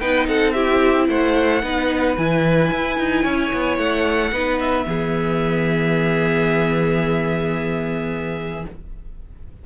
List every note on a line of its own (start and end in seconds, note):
0.00 0.28 B3
0.00 0.55 D#4
0.00 0.27 B4
0.00 0.27 G5
0.28 1.09 C4
0.28 0.54 A4
0.28 0.53 F#5
0.53 1.63 E4
0.53 1.08 G4
0.53 1.07 E5
1.09 1.63 A3
1.09 1.63 C5
1.09 2.17 F#5
1.63 2.17 B3
1.63 2.17 D#4
1.63 3.23 B4
2.17 2.72 E3
2.17 4.33 E4
2.17 3.78 G#5
2.72 2.99 E4
2.99 3.25 D#4
3.23 3.52 C#4
3.23 4.32 C#5
3.53 3.78 B3
3.78 4.32 A3
3.78 4.59 F#5
4.32 4.86 B3
4.32 4.85 D#4
4.32 4.87 B4
4.60 8.65 E5
4.85 8.65 E3
4.85 8.63 B3
4.85 8.66 G#4